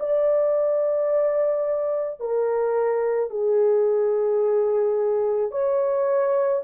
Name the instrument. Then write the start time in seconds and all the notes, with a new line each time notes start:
horn
0.00 D5
2.21 A#4
3.31 G#4
5.52 C#5